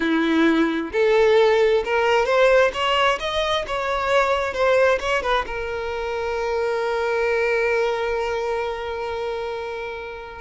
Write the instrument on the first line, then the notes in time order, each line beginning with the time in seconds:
violin
0.00 E4
0.92 A4
1.85 A#4
2.25 C5
2.73 C#5
3.19 D#5
3.67 C#5
4.53 C5
4.99 C#5
5.22 B4
5.46 A#4